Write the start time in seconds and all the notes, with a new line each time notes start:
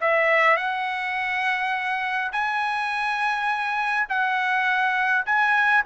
0.00 E5
0.56 F#5
2.32 G#5
4.08 F#5
5.25 G#5